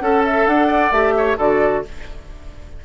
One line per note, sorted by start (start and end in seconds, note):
0.00 0.47 C#4
0.00 0.68 A4
0.00 0.93 A4
0.00 0.23 F#5
0.26 0.47 E5
0.47 0.92 D4
0.47 0.93 F#5
0.68 1.14 D5
0.92 1.37 A3
0.92 1.38 G4
0.92 1.38 E5
1.18 1.37 C#5
1.37 1.84 D3
1.37 1.84 F#4
1.37 1.83 A4
1.37 1.85 D5